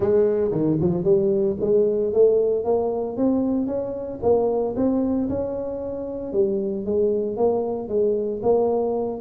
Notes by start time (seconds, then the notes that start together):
0.00 G#3
0.51 D#3
0.80 F3
1.04 G3
1.60 G#3
2.13 A3
2.64 A#3
3.17 C4
3.66 C#4
4.22 A#3
4.76 C4
5.29 C#4
6.33 G3
6.85 G#3
7.36 A#3
7.88 G#3
8.42 A#3